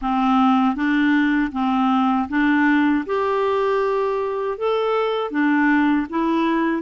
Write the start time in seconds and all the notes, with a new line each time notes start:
0.01 C4
0.75 D4
1.52 C4
2.29 D4
3.06 G4
4.58 A4
5.31 D4
6.09 E4